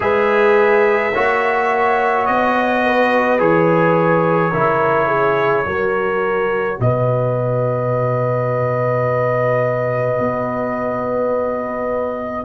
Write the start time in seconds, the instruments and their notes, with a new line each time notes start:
0.00 tuba G#3, trombone G#4, horn B4, trumpet E5
1.13 tuba A#3, trombone F#4, horn C#5
2.26 tuba B3, trumpet D#5
2.85 horn B4
3.38 tuba E3, trombone G#4, trumpet C#5
4.51 tuba C#3, trombone E4, horn A#4
5.08 horn G#4
5.64 tuba F#3, trombone F#4, horn A#4
6.79 tuba B2, horn B4, trumpet D#5
10.19 tuba B3